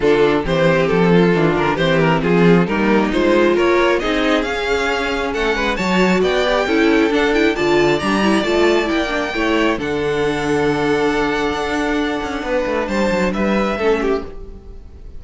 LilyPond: <<
  \new Staff \with { instrumentName = "violin" } { \time 4/4 \tempo 4 = 135 a'4 c''4 a'4. ais'8 | c''8 ais'8 gis'4 ais'4 c''4 | cis''4 dis''4 f''2 | fis''4 a''4 g''2 |
fis''8 g''8 a''4 ais''4 a''4 | g''2 fis''2~ | fis''1~ | fis''4 a''4 e''2 | }
  \new Staff \with { instrumentName = "violin" } { \time 4/4 f'4 g'4. f'4. | g'4 f'4 dis'2 | ais'4 gis'2. | a'8 b'8 cis''4 d''4 a'4~ |
a'4 d''2.~ | d''4 cis''4 a'2~ | a'1 | b'4 c''4 b'4 a'8 g'8 | }
  \new Staff \with { instrumentName = "viola" } { \time 4/4 d'4 c'2 d'4 | c'2 ais4 f'4~ | f'4 dis'4 cis'2~ | cis'4 fis'4. g'8 e'4 |
d'8 e'8 f'4 d'8 e'8 f'4 | e'8 d'8 e'4 d'2~ | d'1~ | d'2. cis'4 | }
  \new Staff \with { instrumentName = "cello" } { \time 4/4 d4 e4 f4 e8 d8 | e4 f4 g4 gis4 | ais4 c'4 cis'2 | a8 gis8 fis4 b4 cis'4 |
d'4 d4 g4 a4 | ais4 a4 d2~ | d2 d'4. cis'8 | b8 a8 g8 fis8 g4 a4 | }
>>